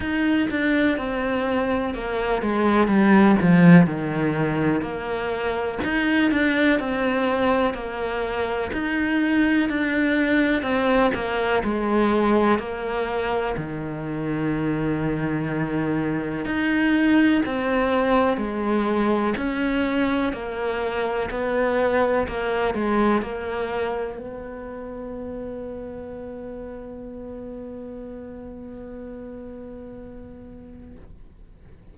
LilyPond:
\new Staff \with { instrumentName = "cello" } { \time 4/4 \tempo 4 = 62 dis'8 d'8 c'4 ais8 gis8 g8 f8 | dis4 ais4 dis'8 d'8 c'4 | ais4 dis'4 d'4 c'8 ais8 | gis4 ais4 dis2~ |
dis4 dis'4 c'4 gis4 | cis'4 ais4 b4 ais8 gis8 | ais4 b2.~ | b1 | }